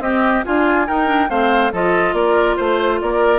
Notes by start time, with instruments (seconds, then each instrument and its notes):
0.00 bassoon C4, clarinet C4, oboe G4, flute D#5
0.44 bassoon D4, clarinet F4, oboe F4, flute G#5
0.87 clarinet D#4, bassoon D#4, oboe A#4, flute G5
1.06 clarinet D4
1.29 bassoon A3, clarinet C4, oboe C5, flute F5
1.72 bassoon F3, clarinet F4, oboe A4, flute D#5
2.13 bassoon A#3, oboe A#4, flute D5
2.57 bassoon A3, oboe C5, flute C5
3.01 bassoon A#3, oboe A#4, flute D5